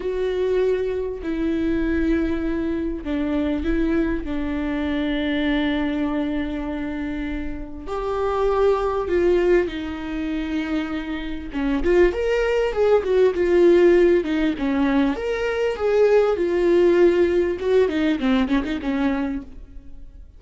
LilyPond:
\new Staff \with { instrumentName = "viola" } { \time 4/4 \tempo 4 = 99 fis'2 e'2~ | e'4 d'4 e'4 d'4~ | d'1~ | d'4 g'2 f'4 |
dis'2. cis'8 f'8 | ais'4 gis'8 fis'8 f'4. dis'8 | cis'4 ais'4 gis'4 f'4~ | f'4 fis'8 dis'8 c'8 cis'16 dis'16 cis'4 | }